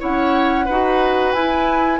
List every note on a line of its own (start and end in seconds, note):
0.00 0.69 C#4
0.00 0.67 E4
0.00 0.66 C#5
0.00 1.33 F#5
0.66 1.34 D#4
0.66 1.37 F#4
0.66 1.99 B4
1.33 2.00 E4
1.33 2.00 G#5